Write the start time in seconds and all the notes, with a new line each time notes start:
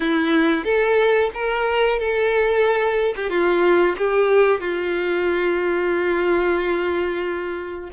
0.00 E4
0.64 A4
1.34 A#4
1.99 A4
3.16 G4
3.29 F4
3.97 G4
4.60 F4